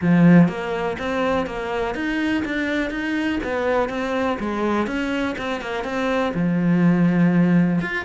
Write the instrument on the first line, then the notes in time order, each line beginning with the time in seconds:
cello
0.01 F3
0.48 A#3
0.98 C4
1.46 A#3
1.94 D#4
2.45 D4
2.90 D#4
3.43 B3
3.89 C4
4.39 G#3
4.86 C#4
5.38 C4
5.61 A#3
5.84 C4
6.33 F3
7.81 F4